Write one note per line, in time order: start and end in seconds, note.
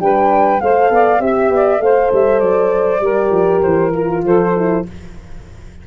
0.00 0.61 G3
0.00 0.61 D4
0.00 0.62 B4
0.00 0.61 G5
0.61 0.91 A3
0.61 1.20 A4
0.61 0.93 C5
0.61 1.21 F5
0.91 1.20 B3
0.91 1.23 D5
1.20 1.50 C4
1.20 1.81 G4
1.20 1.81 E5
1.20 1.54 E5
1.50 1.80 B3
1.50 1.83 D5
1.80 2.10 A3
1.80 3.01 A4
1.80 3.03 C5
1.80 2.12 F5
2.12 2.41 G3
2.12 2.40 E5
2.40 3.01 F#3
2.40 3.61 D5
3.01 3.31 G3
3.01 3.92 G4
3.01 4.25 A#4
3.31 3.61 F3
3.62 4.24 E3
3.62 3.92 C5
3.94 4.54 F4
3.94 4.26 A#4
4.24 4.84 F3
4.24 4.86 A4
4.24 4.87 C5
4.57 4.87 E4